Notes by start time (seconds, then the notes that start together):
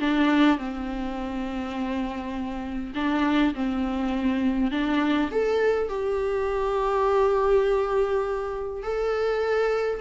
0.00 D4
0.59 C4
2.95 D4
3.55 C4
4.72 D4
5.32 A4
5.89 G4
8.83 A4